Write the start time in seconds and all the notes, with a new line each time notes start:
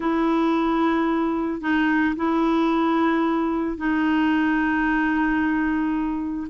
0.00 E4
1.61 D#4
2.15 E4
3.77 D#4